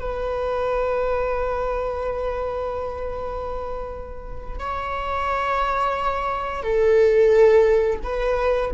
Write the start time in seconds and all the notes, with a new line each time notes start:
0.00 B4
4.60 C#5
6.63 A4
8.04 B4